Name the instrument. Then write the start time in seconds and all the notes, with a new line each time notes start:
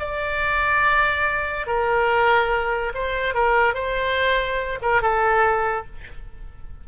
oboe
0.00 D5
1.67 A#4
2.95 C5
3.35 A#4
3.75 C5
4.82 A#4
5.02 A4